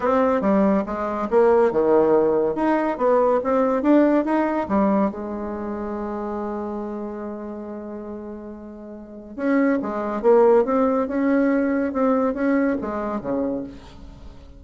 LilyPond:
\new Staff \with { instrumentName = "bassoon" } { \time 4/4 \tempo 4 = 141 c'4 g4 gis4 ais4 | dis2 dis'4 b4 | c'4 d'4 dis'4 g4 | gis1~ |
gis1~ | gis2 cis'4 gis4 | ais4 c'4 cis'2 | c'4 cis'4 gis4 cis4 | }